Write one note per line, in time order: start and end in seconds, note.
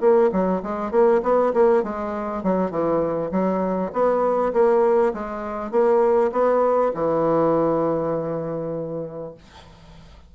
0.00 0.30 A#3
0.32 0.62 F#3
0.63 0.91 G#3
0.91 1.21 A#3
1.23 1.53 B3
1.54 1.83 A#3
1.83 2.43 G#3
2.43 2.71 F#3
2.71 3.31 E3
3.31 3.91 F#3
3.93 4.53 B3
4.53 5.13 A#3
5.14 5.71 G#3
5.71 6.31 A#3
6.32 6.92 B3
6.94 9.34 E3